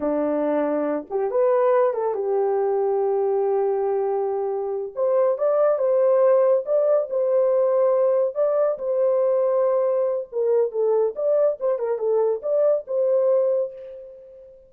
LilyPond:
\new Staff \with { instrumentName = "horn" } { \time 4/4 \tempo 4 = 140 d'2~ d'8 g'8 b'4~ | b'8 a'8 g'2.~ | g'2.~ g'8 c''8~ | c''8 d''4 c''2 d''8~ |
d''8 c''2. d''8~ | d''8 c''2.~ c''8 | ais'4 a'4 d''4 c''8 ais'8 | a'4 d''4 c''2 | }